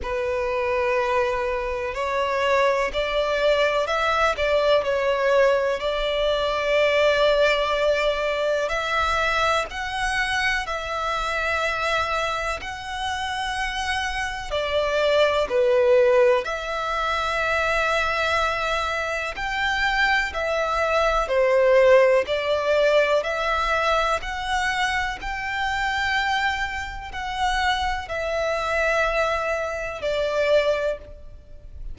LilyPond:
\new Staff \with { instrumentName = "violin" } { \time 4/4 \tempo 4 = 62 b'2 cis''4 d''4 | e''8 d''8 cis''4 d''2~ | d''4 e''4 fis''4 e''4~ | e''4 fis''2 d''4 |
b'4 e''2. | g''4 e''4 c''4 d''4 | e''4 fis''4 g''2 | fis''4 e''2 d''4 | }